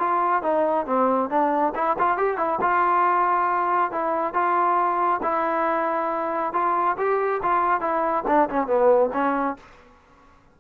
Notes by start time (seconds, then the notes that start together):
0.00 F4
0.43 D#4
0.87 C4
1.30 D4
1.75 E4
1.99 F4
2.18 G4
2.38 E4
2.61 F4
3.92 E4
4.34 F4
5.23 E4
6.54 F4
6.98 G4
7.43 F4
7.81 E4
8.28 D4
8.50 C#4
8.67 B3
9.14 C#4